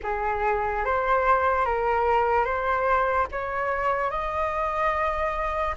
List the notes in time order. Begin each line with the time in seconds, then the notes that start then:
0.02 G#4
0.84 C5
1.65 A#4
2.44 C5
3.31 C#5
4.10 D#5